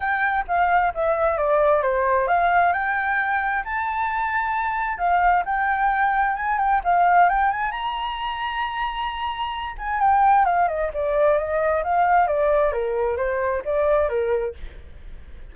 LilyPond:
\new Staff \with { instrumentName = "flute" } { \time 4/4 \tempo 4 = 132 g''4 f''4 e''4 d''4 | c''4 f''4 g''2 | a''2. f''4 | g''2 gis''8 g''8 f''4 |
g''8 gis''8 ais''2.~ | ais''4. gis''8 g''4 f''8 dis''8 | d''4 dis''4 f''4 d''4 | ais'4 c''4 d''4 ais'4 | }